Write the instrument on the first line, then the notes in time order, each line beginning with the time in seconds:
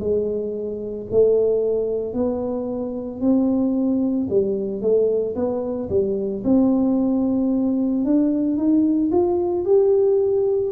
tuba
0.00 G#3
1.11 A3
2.14 B3
3.21 C4
4.30 G3
4.82 A3
5.36 B3
5.90 G3
6.44 C4
8.05 D4
8.58 D#4
9.12 F4
9.65 G4